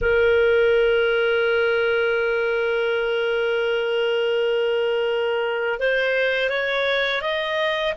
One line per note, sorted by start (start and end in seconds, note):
0.01 5.79 A#4
5.79 6.49 C5
6.49 7.21 C#5
7.21 7.93 D#5